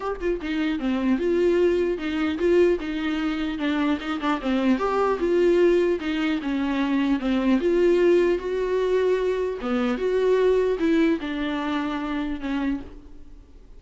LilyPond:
\new Staff \with { instrumentName = "viola" } { \time 4/4 \tempo 4 = 150 g'8 f'8 dis'4 c'4 f'4~ | f'4 dis'4 f'4 dis'4~ | dis'4 d'4 dis'8 d'8 c'4 | g'4 f'2 dis'4 |
cis'2 c'4 f'4~ | f'4 fis'2. | b4 fis'2 e'4 | d'2. cis'4 | }